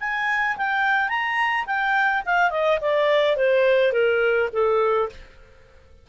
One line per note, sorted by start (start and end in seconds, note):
0.00 0.57 G#5
0.57 1.09 G5
1.09 1.65 A#5
1.66 2.23 G5
2.25 2.50 F5
2.50 2.79 D#5
2.81 3.36 D5
3.36 3.92 C5
3.92 4.49 A#4
4.53 5.09 A4